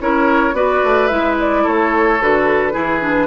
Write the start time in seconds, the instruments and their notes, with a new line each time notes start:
0.00 bassoon C#4, clarinet E4, oboe A#4, flute C#5
0.53 bassoon B3, clarinet F#4, oboe B4, flute D5
0.83 bassoon A3
1.07 bassoon G#3, clarinet E4, flute E5
1.40 flute D5
1.63 bassoon A3, oboe A4, flute C#5
2.20 bassoon D3, clarinet F#4, flute B4
2.72 bassoon E3, clarinet E4, oboe G#4
3.00 clarinet D4